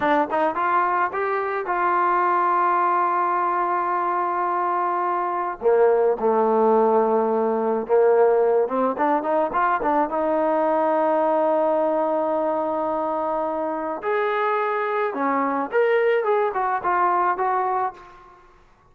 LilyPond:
\new Staff \with { instrumentName = "trombone" } { \time 4/4 \tempo 4 = 107 d'8 dis'8 f'4 g'4 f'4~ | f'1~ | f'2 ais4 a4~ | a2 ais4. c'8 |
d'8 dis'8 f'8 d'8 dis'2~ | dis'1~ | dis'4 gis'2 cis'4 | ais'4 gis'8 fis'8 f'4 fis'4 | }